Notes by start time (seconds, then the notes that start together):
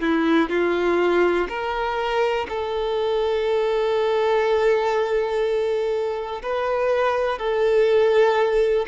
0.00 E4
0.49 F4
1.48 A#4
2.49 A4
6.42 B4
7.38 A4